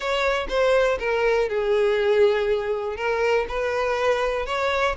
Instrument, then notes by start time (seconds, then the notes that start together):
violin
0.00 C#5
0.48 C5
0.99 A#4
1.48 G#4
2.96 A#4
3.48 B4
4.46 C#5